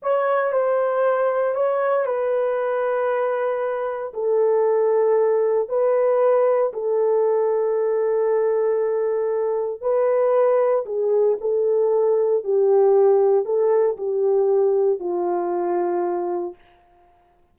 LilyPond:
\new Staff \with { instrumentName = "horn" } { \time 4/4 \tempo 4 = 116 cis''4 c''2 cis''4 | b'1 | a'2. b'4~ | b'4 a'2.~ |
a'2. b'4~ | b'4 gis'4 a'2 | g'2 a'4 g'4~ | g'4 f'2. | }